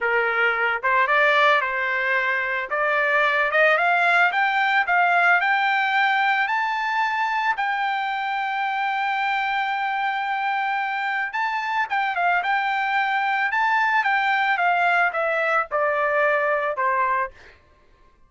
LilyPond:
\new Staff \with { instrumentName = "trumpet" } { \time 4/4 \tempo 4 = 111 ais'4. c''8 d''4 c''4~ | c''4 d''4. dis''8 f''4 | g''4 f''4 g''2 | a''2 g''2~ |
g''1~ | g''4 a''4 g''8 f''8 g''4~ | g''4 a''4 g''4 f''4 | e''4 d''2 c''4 | }